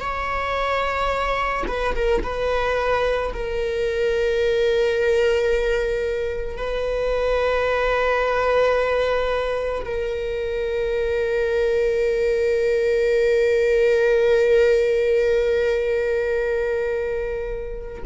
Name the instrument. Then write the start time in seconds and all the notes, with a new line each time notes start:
viola
0.00 C#5
1.67 B4
1.95 A#4
2.23 B4
3.33 A#4
6.57 B4
9.85 A#4